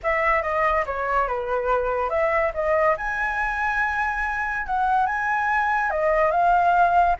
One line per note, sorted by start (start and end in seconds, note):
0.03 0.42 E5
0.42 0.84 D#5
0.86 1.27 C#5
1.27 2.09 B4
2.09 2.51 E5
2.54 2.96 D#5
2.97 4.66 G#5
4.66 5.06 F#5
5.06 5.90 G#5
5.90 6.31 D#5
6.31 7.15 F5